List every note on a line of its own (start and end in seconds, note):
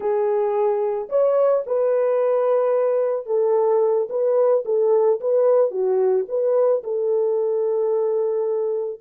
0.00 1.08 G#4
1.09 1.63 C#5
1.66 3.26 B4
3.26 4.08 A4
4.09 4.64 B4
4.65 5.19 A4
5.20 5.70 B4
5.70 6.25 F#4
6.28 6.82 B4
6.83 9.00 A4